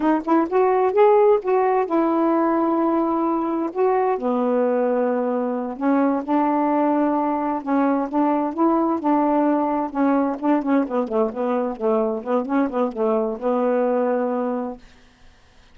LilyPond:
\new Staff \with { instrumentName = "saxophone" } { \time 4/4 \tempo 4 = 130 dis'8 e'8 fis'4 gis'4 fis'4 | e'1 | fis'4 b2.~ | b8 cis'4 d'2~ d'8~ |
d'8 cis'4 d'4 e'4 d'8~ | d'4. cis'4 d'8 cis'8 b8 | a8 b4 a4 b8 cis'8 b8 | a4 b2. | }